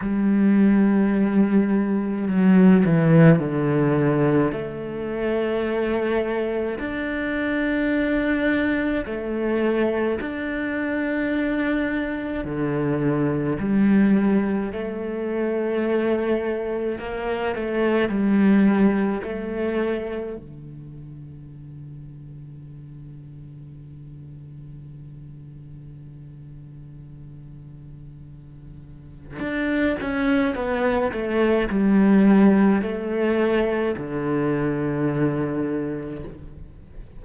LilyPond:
\new Staff \with { instrumentName = "cello" } { \time 4/4 \tempo 4 = 53 g2 fis8 e8 d4 | a2 d'2 | a4 d'2 d4 | g4 a2 ais8 a8 |
g4 a4 d2~ | d1~ | d2 d'8 cis'8 b8 a8 | g4 a4 d2 | }